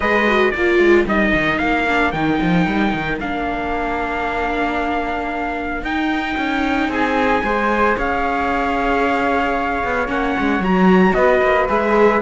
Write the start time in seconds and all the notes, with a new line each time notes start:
0.00 G#3 G#4 B4 D#5
0.26 F#4
0.50 A#3 A#4 D5
0.57 F4
0.78 G#3
1.06 G3 D#4 D#5
1.33 D#3
1.58 A#3 F5
1.87 D4
2.11 D#3 D#4 G5
2.41 F3
2.66 G3
2.93 D#3
3.19 A#3 D4 F5
5.82 D#4 G5
6.37 C#4
6.88 C4 G#4 G#5
7.43 G#3 G#4 C5
7.96 C#4 C#5 F5
9.84 B3
10.07 A#3 C#4 F#5
10.39 G#3
10.59 F#3 F#4 A#5
11.13 B3 B4 D#5
11.42 A#3
11.68 G#3 G#4 E5